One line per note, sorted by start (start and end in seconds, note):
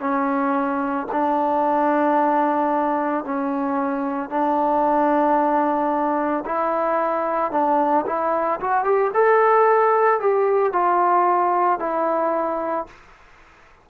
0.00 1.07 C#4
1.12 3.25 D4
3.25 4.30 C#4
4.30 6.44 D4
6.45 7.51 E4
7.51 8.05 D4
8.06 8.60 E4
8.60 8.84 F#4
8.84 9.11 G4
9.14 10.20 A4
10.20 10.73 G4
10.73 11.80 F4
11.80 12.87 E4